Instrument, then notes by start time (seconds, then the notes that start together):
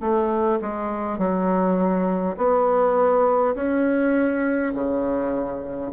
bassoon
0.00 A3
0.61 G#3
1.18 F#3
2.37 B3
3.55 C#4
4.74 C#3